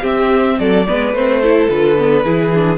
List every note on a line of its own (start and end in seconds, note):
0.00 0.84 C4
0.00 0.59 C4
0.00 0.56 G4
0.00 0.59 E5
0.59 0.87 F#3
0.59 0.87 A4
0.59 1.14 D5
0.87 1.13 G#3
0.87 1.15 B3
0.87 1.42 B4
1.13 1.69 A3
1.13 1.43 C4
1.13 1.69 C5
1.42 1.70 E4
1.42 2.24 A4
1.69 2.25 D3
1.69 1.97 F4
1.69 2.78 B4
1.98 2.25 B3
2.24 2.78 E3
2.24 2.53 E4
2.24 2.78 G#4
2.54 2.78 D4